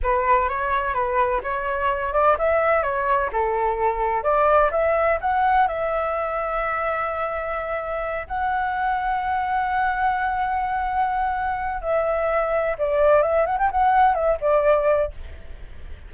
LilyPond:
\new Staff \with { instrumentName = "flute" } { \time 4/4 \tempo 4 = 127 b'4 cis''4 b'4 cis''4~ | cis''8 d''8 e''4 cis''4 a'4~ | a'4 d''4 e''4 fis''4 | e''1~ |
e''4. fis''2~ fis''8~ | fis''1~ | fis''4 e''2 d''4 | e''8 fis''16 g''16 fis''4 e''8 d''4. | }